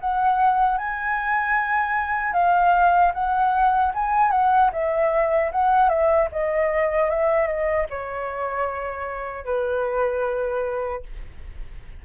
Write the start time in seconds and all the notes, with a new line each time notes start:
0.00 F#5
0.78 G#5
2.33 F5
3.14 F#5
3.94 G#5
4.31 F#5
4.72 E5
5.52 F#5
5.89 E5
6.32 D#5
7.10 E5
7.47 D#5
7.90 C#5
9.45 B4